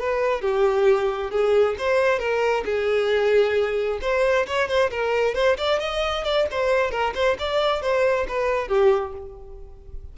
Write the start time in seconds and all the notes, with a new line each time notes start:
0.00 B4
0.42 G4
1.31 G#4
1.78 C5
2.19 A#4
2.65 G#4
4.02 C5
4.47 C#5
4.69 C5
4.91 A#4
5.35 C5
5.58 D5
5.80 D#5
6.25 D5
6.51 C5
6.92 A#4
7.15 C5
7.39 D5
7.82 C5
8.29 B4
8.68 G4